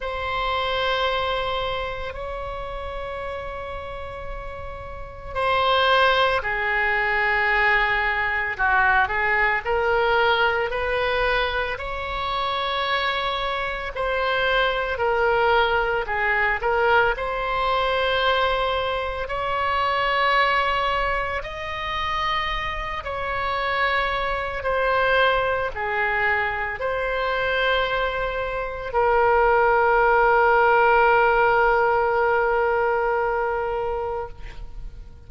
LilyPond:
\new Staff \with { instrumentName = "oboe" } { \time 4/4 \tempo 4 = 56 c''2 cis''2~ | cis''4 c''4 gis'2 | fis'8 gis'8 ais'4 b'4 cis''4~ | cis''4 c''4 ais'4 gis'8 ais'8 |
c''2 cis''2 | dis''4. cis''4. c''4 | gis'4 c''2 ais'4~ | ais'1 | }